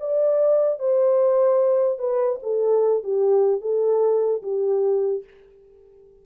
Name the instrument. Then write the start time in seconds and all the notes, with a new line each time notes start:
horn
0.00 D5
0.79 C5
1.99 B4
2.43 A4
3.04 G4
3.61 A4
4.43 G4